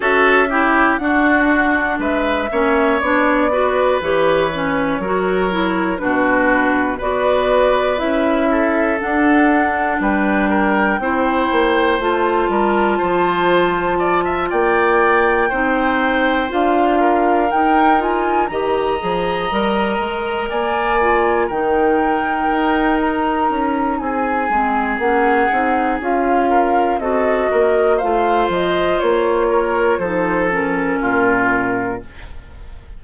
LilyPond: <<
  \new Staff \with { instrumentName = "flute" } { \time 4/4 \tempo 4 = 60 e''4 fis''4 e''4 d''4 | cis''2 b'4 d''4 | e''4 fis''4 g''2 | a''2~ a''8 g''4.~ |
g''8 f''4 g''8 gis''8 ais''4.~ | ais''8 gis''4 g''4. ais''4 | gis''4 fis''4 f''4 dis''4 | f''8 dis''8 cis''4 c''8 ais'4. | }
  \new Staff \with { instrumentName = "oboe" } { \time 4/4 a'8 g'8 fis'4 b'8 cis''4 b'8~ | b'4 ais'4 fis'4 b'4~ | b'8 a'4. b'8 ais'8 c''4~ | c''8 ais'8 c''4 d''16 e''16 d''4 c''8~ |
c''4 ais'4. dis''4.~ | dis''8 d''4 ais'2~ ais'8 | gis'2~ gis'8 ais'8 a'8 ais'8 | c''4. ais'8 a'4 f'4 | }
  \new Staff \with { instrumentName = "clarinet" } { \time 4/4 fis'8 e'8 d'4. cis'8 d'8 fis'8 | g'8 cis'8 fis'8 e'8 d'4 fis'4 | e'4 d'2 e'4 | f'2.~ f'8 dis'8~ |
dis'8 f'4 dis'8 f'8 g'8 gis'8 ais'8~ | ais'4 f'8 dis'2~ dis'8~ | dis'8 c'8 cis'8 dis'8 f'4 fis'4 | f'2 dis'8 cis'4. | }
  \new Staff \with { instrumentName = "bassoon" } { \time 4/4 cis'4 d'4 gis8 ais8 b4 | e4 fis4 b,4 b4 | cis'4 d'4 g4 c'8 ais8 | a8 g8 f4. ais4 c'8~ |
c'8 d'4 dis'4 dis8 f8 g8 | gis8 ais4 dis4 dis'4 cis'8 | c'8 gis8 ais8 c'8 cis'4 c'8 ais8 | a8 f8 ais4 f4 ais,4 | }
>>